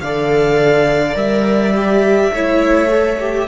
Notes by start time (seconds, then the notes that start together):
0.00 D3 A4 D5 F5
1.13 G3 A#4 E5
1.74 G4
2.32 A3 E4 C#5
2.88 A4
3.19 G4